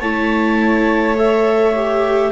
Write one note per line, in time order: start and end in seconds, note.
0.00 2.32 A3
0.00 1.16 E4
0.00 2.31 C#5
0.00 1.16 A5
1.16 1.74 A4
1.16 2.32 E5
1.76 2.32 G4